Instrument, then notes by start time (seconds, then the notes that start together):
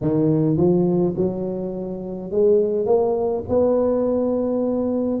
tuba
0.01 D#3
0.56 F3
1.16 F#3
2.31 G#3
2.86 A#3
3.48 B3